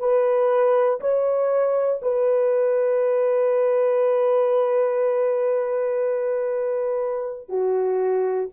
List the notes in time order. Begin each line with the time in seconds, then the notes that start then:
0.00 B4
1.00 C#5
2.02 B4
7.49 F#4